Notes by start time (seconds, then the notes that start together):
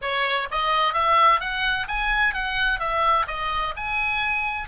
0.01 C#5
0.51 D#5
0.93 E5
1.40 F#5
1.87 G#5
2.34 F#5
2.79 E5
3.27 D#5
3.76 G#5